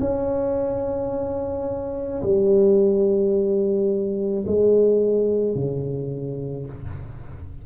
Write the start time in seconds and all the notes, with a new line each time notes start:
0.00 C#4
2.23 G3
4.47 G#3
5.55 C#3